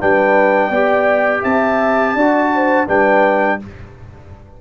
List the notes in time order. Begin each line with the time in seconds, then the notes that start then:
0.00 G3 D4 B4 G5
0.69 B3 G4 D5
1.42 C4 E5 A5
2.15 D4 F#4 D5
2.55 C5
2.87 G3 D4 B4 G5